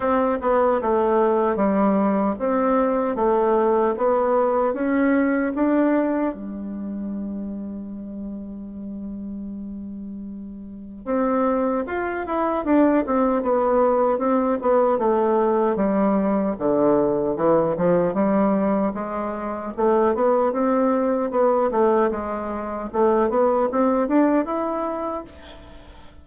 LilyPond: \new Staff \with { instrumentName = "bassoon" } { \time 4/4 \tempo 4 = 76 c'8 b8 a4 g4 c'4 | a4 b4 cis'4 d'4 | g1~ | g2 c'4 f'8 e'8 |
d'8 c'8 b4 c'8 b8 a4 | g4 d4 e8 f8 g4 | gis4 a8 b8 c'4 b8 a8 | gis4 a8 b8 c'8 d'8 e'4 | }